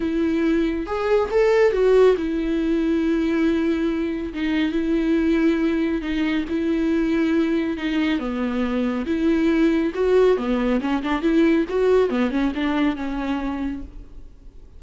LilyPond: \new Staff \with { instrumentName = "viola" } { \time 4/4 \tempo 4 = 139 e'2 gis'4 a'4 | fis'4 e'2.~ | e'2 dis'4 e'4~ | e'2 dis'4 e'4~ |
e'2 dis'4 b4~ | b4 e'2 fis'4 | b4 cis'8 d'8 e'4 fis'4 | b8 cis'8 d'4 cis'2 | }